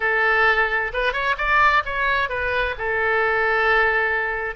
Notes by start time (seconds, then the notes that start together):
0.00 A4
0.93 B4
1.12 C#5
1.37 D5
1.85 C#5
2.29 B4
2.78 A4